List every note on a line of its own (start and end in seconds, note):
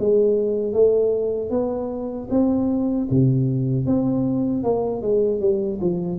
0.00 0.73 G#3
0.73 1.51 A3
1.51 2.29 B3
2.31 3.09 C4
3.11 3.87 C3
3.87 4.64 C4
4.64 5.02 A#3
5.02 5.41 G#3
5.41 5.80 G3
5.82 6.20 F3